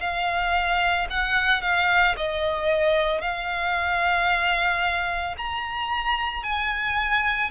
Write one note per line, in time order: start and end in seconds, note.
0.00 1.07 F5
1.10 1.62 F#5
1.62 2.15 F5
2.16 3.21 D#5
3.21 5.35 F5
5.38 6.43 A#5
6.43 7.50 G#5